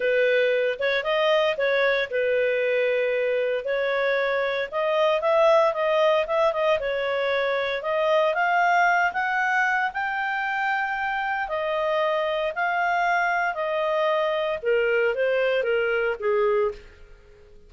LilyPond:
\new Staff \with { instrumentName = "clarinet" } { \time 4/4 \tempo 4 = 115 b'4. cis''8 dis''4 cis''4 | b'2. cis''4~ | cis''4 dis''4 e''4 dis''4 | e''8 dis''8 cis''2 dis''4 |
f''4. fis''4. g''4~ | g''2 dis''2 | f''2 dis''2 | ais'4 c''4 ais'4 gis'4 | }